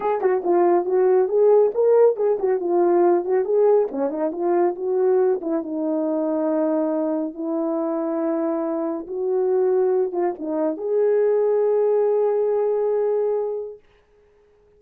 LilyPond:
\new Staff \with { instrumentName = "horn" } { \time 4/4 \tempo 4 = 139 gis'8 fis'8 f'4 fis'4 gis'4 | ais'4 gis'8 fis'8 f'4. fis'8 | gis'4 cis'8 dis'8 f'4 fis'4~ | fis'8 e'8 dis'2.~ |
dis'4 e'2.~ | e'4 fis'2~ fis'8 f'8 | dis'4 gis'2.~ | gis'1 | }